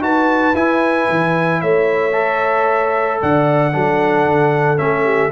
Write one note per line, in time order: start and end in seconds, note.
0.00 0.53 D#4
0.00 0.54 F#4
0.00 1.60 B4
0.00 0.55 A5
0.53 1.07 E4
0.53 2.12 E4
0.53 1.61 G#5
1.09 1.62 E3
1.60 3.21 A3
1.60 3.20 C#5
1.60 3.20 E5
2.12 3.71 A4
3.21 3.74 D3
3.21 3.73 D5
3.21 4.78 F#5
3.72 4.25 F#3
3.72 4.77 D4
3.72 5.04 A4
4.25 4.78 D3
4.77 5.32 A3
4.77 5.30 C#4
4.77 5.31 E5
5.04 5.30 G4